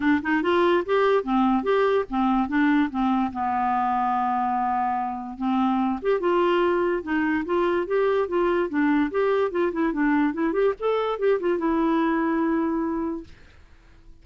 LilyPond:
\new Staff \with { instrumentName = "clarinet" } { \time 4/4 \tempo 4 = 145 d'8 dis'8 f'4 g'4 c'4 | g'4 c'4 d'4 c'4 | b1~ | b4 c'4. g'8 f'4~ |
f'4 dis'4 f'4 g'4 | f'4 d'4 g'4 f'8 e'8 | d'4 e'8 g'8 a'4 g'8 f'8 | e'1 | }